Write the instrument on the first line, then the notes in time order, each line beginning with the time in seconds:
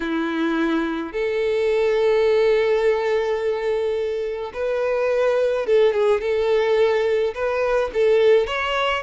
violin
0.00 E4
1.12 A4
4.53 B4
5.66 A4
5.93 G#4
6.20 A4
7.34 B4
7.93 A4
8.46 C#5